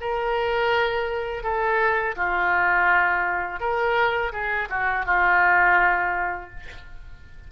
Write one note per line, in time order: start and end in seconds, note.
0.00 1.43 A#4
1.43 2.15 A4
2.16 3.59 F4
3.59 4.32 A#4
4.32 4.68 G#4
4.69 5.05 F#4
5.05 6.50 F4